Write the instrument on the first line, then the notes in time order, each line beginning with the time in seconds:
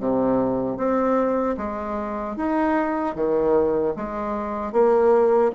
bassoon
0.00 C3
0.78 C4
1.58 G#3
2.36 D#4
3.16 D#3
3.96 G#3
4.73 A#3